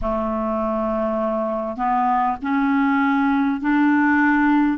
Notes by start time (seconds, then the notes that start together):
0.01 A3
1.77 B3
2.42 C#4
3.61 D4